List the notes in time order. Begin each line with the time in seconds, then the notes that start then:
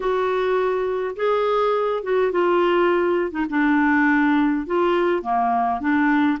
0.00 F#4
1.16 G#4
2.03 F#4
2.31 F4
3.31 D#4
3.50 D4
4.66 F4
5.22 A#3
5.80 D4